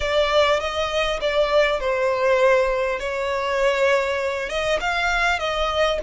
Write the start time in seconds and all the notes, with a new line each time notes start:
0.00 D5
0.60 D#5
1.21 D5
1.80 C5
2.99 C#5
4.49 D#5
4.80 F5
5.39 D#5